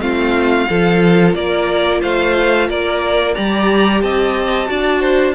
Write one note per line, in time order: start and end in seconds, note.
0.00 0.67 A3
0.00 0.68 C4
0.00 0.69 F4
0.00 1.34 F5
0.69 1.35 F3
0.69 3.35 F4
0.69 1.36 A4
1.35 2.02 A#3
1.35 2.02 A#4
1.35 2.01 D5
2.02 2.69 A3
2.02 2.68 C5
2.02 2.70 F5
2.69 3.36 A#3
2.69 3.35 A#4
2.69 3.35 D5
3.35 4.03 G3
3.35 4.67 G4
3.35 4.02 D5
3.35 4.01 A#5
4.02 4.69 C4
4.02 4.69 D#5
4.02 5.35 A5
4.67 5.35 D4
4.67 5.34 F#4
4.67 5.01 D5
5.01 5.34 C5